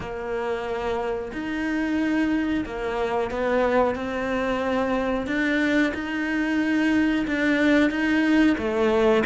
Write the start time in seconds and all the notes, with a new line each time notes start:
0.00 A#3
1.32 D#4
2.65 A#3
3.31 B3
3.95 C4
5.26 D4
5.94 D#4
7.27 D4
7.90 D#4
8.57 A3